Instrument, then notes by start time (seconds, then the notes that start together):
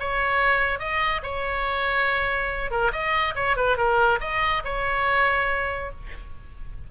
oboe
0.00 C#5
0.79 D#5
1.23 C#5
2.71 A#4
2.93 D#5
3.35 C#5
3.57 B4
3.77 A#4
4.21 D#5
4.65 C#5